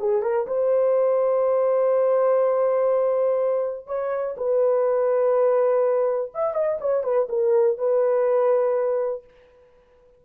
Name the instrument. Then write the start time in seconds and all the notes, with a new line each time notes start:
horn
0.00 G#4
0.22 A#4
0.48 C5
3.87 C#5
4.37 B4
6.35 E5
6.55 D#5
6.81 C#5
7.04 B4
7.29 A#4
7.78 B4